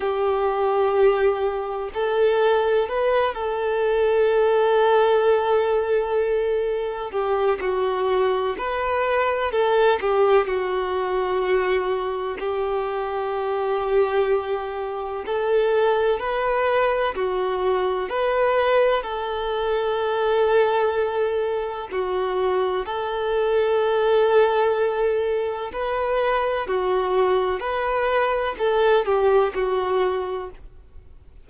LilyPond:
\new Staff \with { instrumentName = "violin" } { \time 4/4 \tempo 4 = 63 g'2 a'4 b'8 a'8~ | a'2.~ a'8 g'8 | fis'4 b'4 a'8 g'8 fis'4~ | fis'4 g'2. |
a'4 b'4 fis'4 b'4 | a'2. fis'4 | a'2. b'4 | fis'4 b'4 a'8 g'8 fis'4 | }